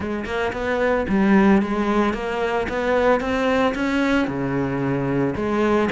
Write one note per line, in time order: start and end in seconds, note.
0.00 0.25 G#3
0.25 0.52 A#3
0.52 1.06 B3
1.09 1.62 G3
1.62 2.13 G#3
2.13 2.67 A#3
2.69 3.20 B3
3.20 3.74 C4
3.75 4.27 C#4
4.27 5.34 C#3
5.35 5.89 G#3